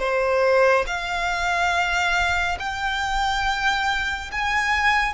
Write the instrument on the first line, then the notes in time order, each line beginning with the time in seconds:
violin
0.00 C5
0.87 F5
2.60 G5
4.32 G#5